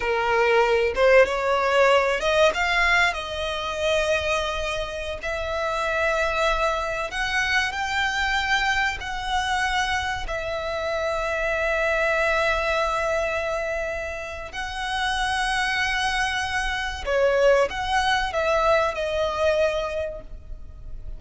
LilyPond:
\new Staff \with { instrumentName = "violin" } { \time 4/4 \tempo 4 = 95 ais'4. c''8 cis''4. dis''8 | f''4 dis''2.~ | dis''16 e''2. fis''8.~ | fis''16 g''2 fis''4.~ fis''16~ |
fis''16 e''2.~ e''8.~ | e''2. fis''4~ | fis''2. cis''4 | fis''4 e''4 dis''2 | }